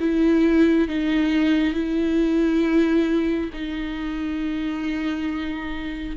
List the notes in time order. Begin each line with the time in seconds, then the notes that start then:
0.00 E4
0.88 D#4
1.74 E4
3.53 D#4